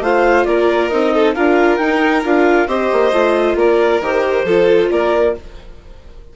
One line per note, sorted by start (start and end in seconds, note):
0.00 0.44 A3
0.00 0.90 F4
0.00 0.46 C5
0.00 0.44 F5
0.44 0.91 A#3
0.44 1.14 A#4
0.44 0.88 D5
0.88 1.36 C4
0.88 1.35 D#4
0.88 1.33 D#5
1.14 1.35 A4
1.34 1.79 D4
1.34 1.79 F4
1.34 2.67 A#4
1.34 1.77 F5
1.77 2.23 D#4
1.77 2.24 D#4
1.77 2.21 G5
2.24 2.67 D4
2.24 2.68 F4
2.24 2.68 F5
2.67 2.90 C4
2.67 3.12 G4
2.67 3.56 C5
2.67 3.57 D#5
2.92 3.12 A#3
3.12 3.55 A3
3.12 4.01 F4
3.55 4.00 A#3
3.55 4.45 A#4
3.55 4.02 D5
4.00 4.44 D#3
4.00 4.46 G4
4.00 4.90 C5
4.44 4.88 F3
4.44 5.35 F4
4.44 4.89 A4
4.90 5.36 A#3
4.90 5.36 A#4
4.90 5.35 D5